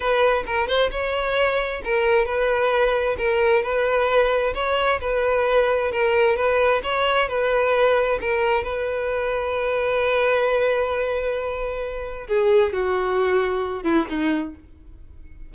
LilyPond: \new Staff \with { instrumentName = "violin" } { \time 4/4 \tempo 4 = 132 b'4 ais'8 c''8 cis''2 | ais'4 b'2 ais'4 | b'2 cis''4 b'4~ | b'4 ais'4 b'4 cis''4 |
b'2 ais'4 b'4~ | b'1~ | b'2. gis'4 | fis'2~ fis'8 e'8 dis'4 | }